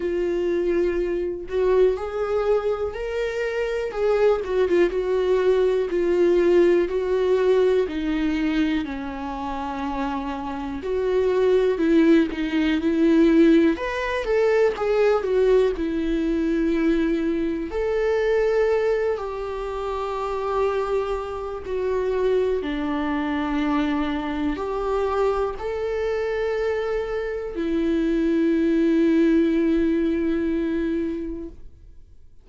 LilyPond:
\new Staff \with { instrumentName = "viola" } { \time 4/4 \tempo 4 = 61 f'4. fis'8 gis'4 ais'4 | gis'8 fis'16 f'16 fis'4 f'4 fis'4 | dis'4 cis'2 fis'4 | e'8 dis'8 e'4 b'8 a'8 gis'8 fis'8 |
e'2 a'4. g'8~ | g'2 fis'4 d'4~ | d'4 g'4 a'2 | e'1 | }